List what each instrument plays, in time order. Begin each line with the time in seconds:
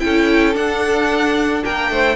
0.00 cello C#4, viola E4, violin A4 G5
0.54 viola D4, cello D4, violin F#5
1.64 cello A#3, violin A#4 G5
1.91 cello A3, violin C5